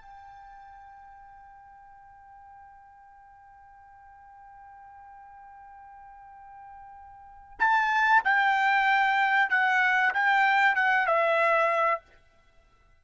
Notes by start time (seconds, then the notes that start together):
0.00 G5
7.59 A5
8.24 G5
9.49 F#5
10.13 G5
10.75 F#5
11.06 E5